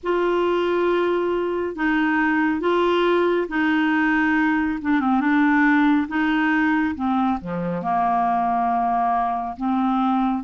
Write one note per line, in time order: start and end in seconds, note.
0.03 1.75 F4
1.75 2.60 D#4
2.60 3.47 F4
3.48 4.79 D#4
4.81 5.00 D4
5.00 5.20 C4
5.20 6.07 D4
6.08 6.94 D#4
6.95 7.38 C4
7.40 7.82 F3
7.82 9.56 A#3
9.57 10.43 C4